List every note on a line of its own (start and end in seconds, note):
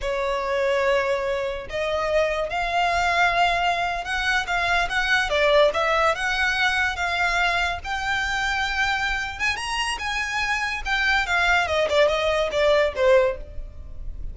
0.01 1.67 C#5
1.69 2.49 D#5
2.49 4.04 F5
4.04 4.46 F#5
4.47 4.88 F5
4.89 5.29 F#5
5.29 5.71 D5
5.73 6.15 E5
6.15 6.96 F#5
6.96 7.79 F5
7.84 9.39 G5
9.39 9.56 G#5
9.56 9.98 A#5
9.98 10.82 G#5
10.85 11.26 G5
11.26 11.67 F5
11.67 11.87 D#5
11.89 12.08 D5
12.08 12.49 D#5
12.51 12.93 D5
12.95 13.37 C5